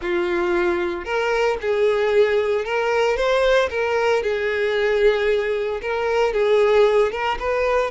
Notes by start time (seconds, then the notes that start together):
0.01 F4
1.04 A#4
1.61 G#4
2.65 A#4
3.16 C5
3.70 A#4
4.22 G#4
5.81 A#4
6.33 G#4
7.11 A#4
7.39 B4